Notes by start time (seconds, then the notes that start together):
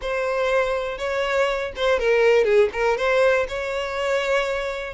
0.01 C5
0.98 C#5
1.76 C5
1.99 A#4
2.44 G#4
2.72 A#4
2.97 C5
3.48 C#5